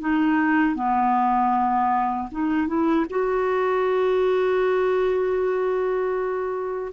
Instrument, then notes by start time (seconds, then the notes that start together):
clarinet
0.00 D#4
0.75 B3
2.31 D#4
2.67 E4
3.09 F#4